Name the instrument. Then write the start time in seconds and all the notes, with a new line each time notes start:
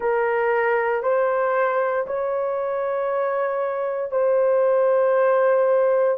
horn
0.00 A#4
1.03 C5
2.06 C#5
4.11 C5